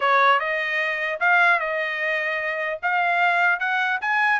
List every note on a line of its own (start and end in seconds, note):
0.00 0.39 C#5
0.39 1.19 D#5
1.20 1.59 F5
1.59 2.79 D#5
2.82 3.59 F5
3.59 3.99 F#5
4.01 4.40 G#5